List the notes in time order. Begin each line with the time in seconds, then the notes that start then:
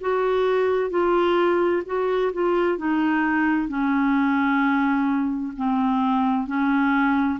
0.00 F#4
0.90 F4
1.85 F#4
2.33 F4
2.77 D#4
3.68 C#4
5.56 C4
6.47 C#4